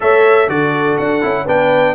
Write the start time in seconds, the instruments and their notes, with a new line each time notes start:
0.00 tuba A3, trombone A4, horn C#5, trumpet E5
0.48 tuba D3, trombone F#4, horn A4, trumpet D5
0.97 tuba D4, trumpet F#5
1.21 tuba C#4, trombone E4
1.44 tuba B3, trombone D4, horn B4, trumpet G5